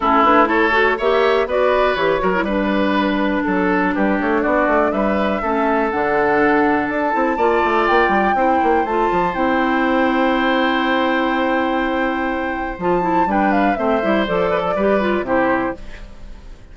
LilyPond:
<<
  \new Staff \with { instrumentName = "flute" } { \time 4/4 \tempo 4 = 122 a'8 b'8 cis''4 e''4 d''4 | cis''4 b'2 a'4 | b'8 cis''8 d''4 e''2 | fis''2 a''2 |
g''2 a''4 g''4~ | g''1~ | g''2 a''4 g''8 f''8 | e''4 d''2 c''4 | }
  \new Staff \with { instrumentName = "oboe" } { \time 4/4 e'4 a'4 cis''4 b'4~ | b'8 ais'8 b'2 a'4 | g'4 fis'4 b'4 a'4~ | a'2. d''4~ |
d''4 c''2.~ | c''1~ | c''2. b'4 | c''4. b'16 a'16 b'4 g'4 | }
  \new Staff \with { instrumentName = "clarinet" } { \time 4/4 cis'8 d'8 e'8 fis'8 g'4 fis'4 | g'8 fis'16 e'16 d'2.~ | d'2. cis'4 | d'2~ d'8 e'8 f'4~ |
f'4 e'4 f'4 e'4~ | e'1~ | e'2 f'8 e'8 d'4 | c'8 e'8 a'4 g'8 f'8 e'4 | }
  \new Staff \with { instrumentName = "bassoon" } { \time 4/4 a2 ais4 b4 | e8 fis8 g2 fis4 | g8 a8 b8 a8 g4 a4 | d2 d'8 c'8 ais8 a8 |
ais8 g8 c'8 ais8 a8 f8 c'4~ | c'1~ | c'2 f4 g4 | a8 g8 f4 g4 c4 | }
>>